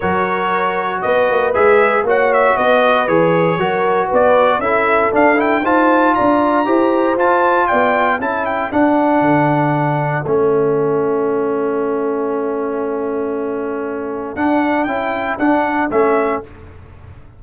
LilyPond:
<<
  \new Staff \with { instrumentName = "trumpet" } { \time 4/4 \tempo 4 = 117 cis''2 dis''4 e''4 | fis''8 e''8 dis''4 cis''2 | d''4 e''4 f''8 g''8 a''4 | ais''2 a''4 g''4 |
a''8 g''8 fis''2. | e''1~ | e''1 | fis''4 g''4 fis''4 e''4 | }
  \new Staff \with { instrumentName = "horn" } { \time 4/4 ais'2 b'2 | cis''4 b'2 ais'4 | b'4 a'2 c''4 | d''4 c''2 d''4 |
a'1~ | a'1~ | a'1~ | a'1 | }
  \new Staff \with { instrumentName = "trombone" } { \time 4/4 fis'2. gis'4 | fis'2 gis'4 fis'4~ | fis'4 e'4 d'8 e'8 f'4~ | f'4 g'4 f'2 |
e'4 d'2. | cis'1~ | cis'1 | d'4 e'4 d'4 cis'4 | }
  \new Staff \with { instrumentName = "tuba" } { \time 4/4 fis2 b8 ais8 gis4 | ais4 b4 e4 fis4 | b4 cis'4 d'4 dis'4 | d'4 e'4 f'4 b4 |
cis'4 d'4 d2 | a1~ | a1 | d'4 cis'4 d'4 a4 | }
>>